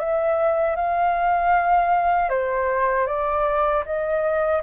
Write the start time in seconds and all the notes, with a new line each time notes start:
0.00 E5
0.77 F5
2.30 C5
3.07 D5
3.86 D#5